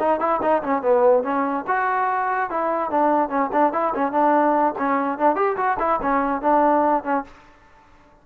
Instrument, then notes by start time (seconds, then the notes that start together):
trombone
0.00 D#4
0.20 E4
0.42 D#4
0.63 C#4
0.82 B3
1.24 C#4
1.68 F#4
2.50 E4
2.91 D4
3.30 C#4
3.53 D4
3.73 E4
3.95 C#4
4.12 D4
4.79 C#4
5.19 D4
5.36 G4
5.57 F#4
5.80 E4
6.02 C#4
6.42 D4
7.04 C#4